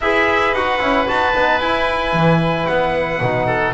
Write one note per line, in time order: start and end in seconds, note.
0.01 0.52 E4
0.01 0.55 G#4
0.01 3.46 B4
0.01 0.54 E5
0.52 0.79 D#4
0.52 0.79 F#4
0.52 1.07 F#5
0.79 1.07 C#4
0.79 1.06 E4
1.07 1.34 D#4
1.07 1.33 F#4
1.07 1.59 A5
1.34 1.60 B3
1.34 1.61 D#4
1.59 2.13 E4
1.59 3.22 E4
1.59 2.66 G#5
2.13 2.66 E3
2.66 3.20 B3
2.66 3.73 F#5
3.20 3.73 B2
3.20 3.73 D#4
3.46 3.73 A4